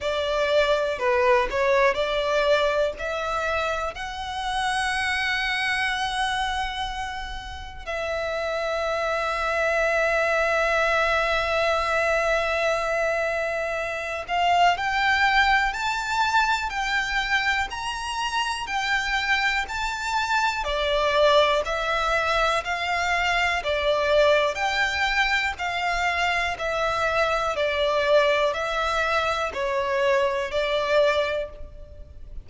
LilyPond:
\new Staff \with { instrumentName = "violin" } { \time 4/4 \tempo 4 = 61 d''4 b'8 cis''8 d''4 e''4 | fis''1 | e''1~ | e''2~ e''8 f''8 g''4 |
a''4 g''4 ais''4 g''4 | a''4 d''4 e''4 f''4 | d''4 g''4 f''4 e''4 | d''4 e''4 cis''4 d''4 | }